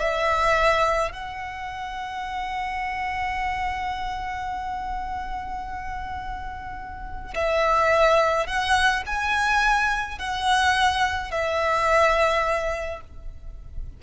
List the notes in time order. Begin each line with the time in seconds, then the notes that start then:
0.00 E5
1.12 F#5
7.35 E5
8.47 F#5
9.06 G#5
10.19 F#5
11.31 E5